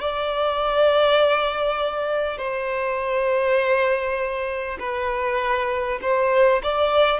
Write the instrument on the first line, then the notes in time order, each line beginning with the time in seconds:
violin
0.00 D5
2.38 C5
4.79 B4
6.01 C5
6.63 D5